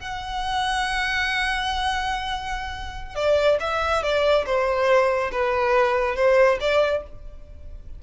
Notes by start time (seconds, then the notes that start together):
0.00 F#5
3.16 D5
3.60 E5
4.03 D5
4.46 C5
5.32 B4
6.16 C5
6.61 D5